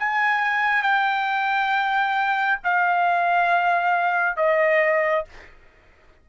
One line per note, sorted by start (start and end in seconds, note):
0.00 0.83 G#5
0.83 2.59 G5
2.64 4.37 F5
4.37 5.25 D#5